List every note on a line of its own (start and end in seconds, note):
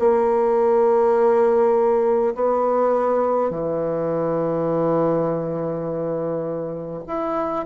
0.00 2.35 A#3
2.35 3.51 B3
3.51 7.04 E3
7.08 7.66 E4